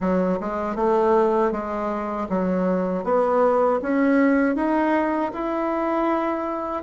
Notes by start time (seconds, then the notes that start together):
0.00 F#3
0.40 G#3
0.75 A3
1.51 G#3
2.29 F#3
3.03 B3
3.81 C#4
4.55 D#4
5.33 E4